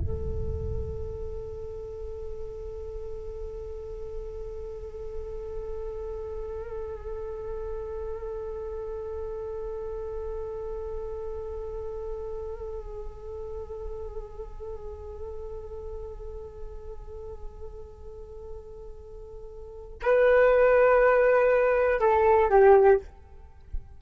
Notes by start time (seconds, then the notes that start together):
0.00 A4
20.03 B4
22.00 A4
22.50 G4